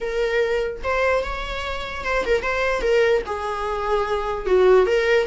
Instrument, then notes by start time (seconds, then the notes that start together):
viola
0.01 A#4
0.83 C5
1.23 C#5
2.04 C5
2.25 A#4
2.42 C5
2.81 A#4
3.26 G#4
4.46 F#4
4.86 A#4